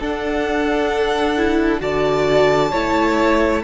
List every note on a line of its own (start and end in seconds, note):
0.00 1.81 D4
0.00 1.38 D4
0.00 1.82 A4
0.00 1.82 F#5
1.38 1.80 E4
1.80 2.72 D3
1.80 2.71 F#4
1.80 2.72 D5
1.80 3.63 A5
2.72 3.64 A3
2.72 3.64 E4
2.72 3.62 C#5